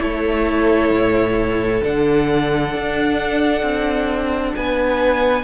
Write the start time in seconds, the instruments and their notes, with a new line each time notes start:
0.00 cello A3, viola E4, violin A4 C#5
0.91 cello A2
1.82 cello D3, viola D4, violin F#5
2.75 cello D4
3.63 cello C4
4.55 cello B3, violin B4 G#5